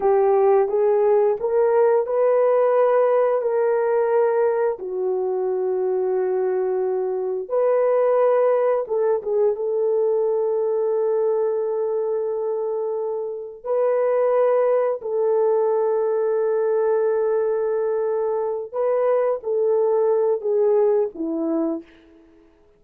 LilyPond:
\new Staff \with { instrumentName = "horn" } { \time 4/4 \tempo 4 = 88 g'4 gis'4 ais'4 b'4~ | b'4 ais'2 fis'4~ | fis'2. b'4~ | b'4 a'8 gis'8 a'2~ |
a'1 | b'2 a'2~ | a'2.~ a'8 b'8~ | b'8 a'4. gis'4 e'4 | }